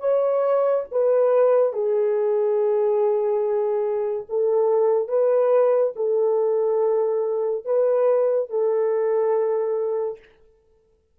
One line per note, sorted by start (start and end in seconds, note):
0.00 0.85 C#5
0.92 1.73 B4
1.73 4.27 G#4
4.29 5.09 A4
5.09 5.93 B4
5.96 7.65 A4
7.66 8.50 B4
8.50 10.19 A4